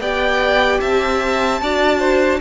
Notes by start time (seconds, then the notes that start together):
0.00 B3 G4 D5 G5
0.80 C4 E5 A5
1.61 D4 F#4 D5
1.98 C5